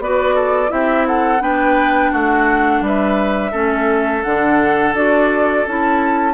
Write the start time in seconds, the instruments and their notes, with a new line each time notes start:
0.00 bassoon B3, clarinet F#4, oboe B4, flute D5
0.35 oboe A4
0.68 bassoon C4, clarinet E4, oboe G4, flute E5
1.07 oboe A4, flute F#5
1.40 bassoon B3, clarinet D4, oboe B4, flute G5
2.12 bassoon A3, oboe F#4, flute F#5
2.82 bassoon G3, oboe B4, flute E5
3.52 bassoon A3, clarinet C#4, oboe A4
4.24 bassoon D3, clarinet D4, flute F#5
4.94 bassoon D4, clarinet F#4, flute D5
5.67 bassoon C#4, clarinet E4, flute A5